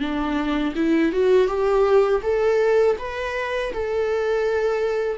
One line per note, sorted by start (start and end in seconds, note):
0.00 0.74 D4
0.76 1.12 E4
1.12 1.48 F#4
1.48 2.22 G4
2.23 2.97 A4
2.99 3.73 B4
3.73 5.18 A4